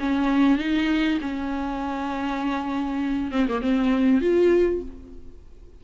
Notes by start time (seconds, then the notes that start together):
0.00 C#4
0.58 D#4
1.21 C#4
3.32 C4
3.49 A#3
3.62 C4
4.21 F4